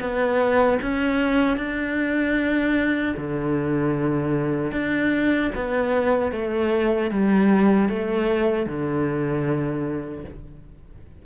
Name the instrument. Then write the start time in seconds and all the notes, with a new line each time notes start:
cello
0.00 B3
0.81 C#4
1.57 D4
3.17 D3
4.72 D4
5.55 B3
6.32 A3
7.11 G3
7.89 A3
8.66 D3